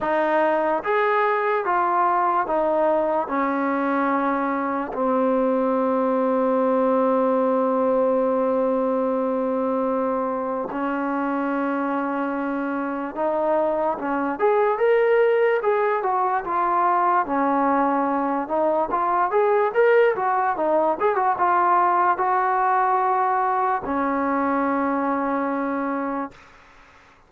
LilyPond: \new Staff \with { instrumentName = "trombone" } { \time 4/4 \tempo 4 = 73 dis'4 gis'4 f'4 dis'4 | cis'2 c'2~ | c'1~ | c'4 cis'2. |
dis'4 cis'8 gis'8 ais'4 gis'8 fis'8 | f'4 cis'4. dis'8 f'8 gis'8 | ais'8 fis'8 dis'8 gis'16 fis'16 f'4 fis'4~ | fis'4 cis'2. | }